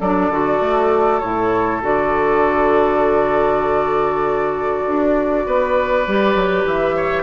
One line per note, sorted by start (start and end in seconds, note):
0.00 0.30 F#3
0.00 0.32 D4
0.00 5.45 A4
0.00 1.20 D5
0.30 0.60 D3
0.30 1.23 F#4
0.61 1.21 A3
1.20 1.83 A2
1.20 1.82 E4
1.20 1.81 C#5
1.82 4.86 D3
1.82 6.06 F#4
1.82 6.67 D5
4.87 5.47 D4
5.46 6.07 B3
5.46 6.96 B4
6.07 6.35 G3
6.07 7.23 G4
6.35 6.65 F#3
6.65 7.23 E3
6.65 7.23 E5
6.96 7.23 C#5